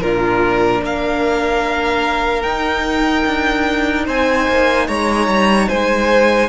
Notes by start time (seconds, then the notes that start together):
0.00 A#2 D4 F4 A#4
0.81 A#3 A#4 F5
2.42 D#4 G5
3.26 D4
4.06 C4 C5 G#5
4.48 A#3
4.87 G#3 C#5 A#5
5.27 G3
5.68 G#3 C5 G#5